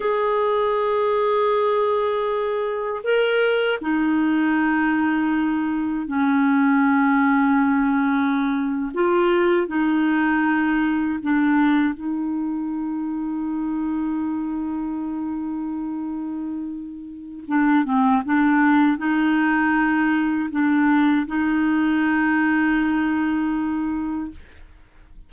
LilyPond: \new Staff \with { instrumentName = "clarinet" } { \time 4/4 \tempo 4 = 79 gis'1 | ais'4 dis'2. | cis'2.~ cis'8. f'16~ | f'8. dis'2 d'4 dis'16~ |
dis'1~ | dis'2. d'8 c'8 | d'4 dis'2 d'4 | dis'1 | }